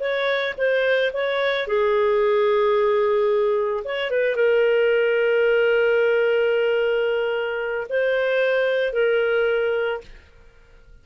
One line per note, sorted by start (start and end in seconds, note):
0.00 0.54 C#5
0.58 1.12 C5
1.14 1.67 C#5
1.67 3.84 G#4
3.85 4.11 C#5
4.11 4.36 B4
4.36 7.87 A#4
7.89 8.93 C5
8.93 10.01 A#4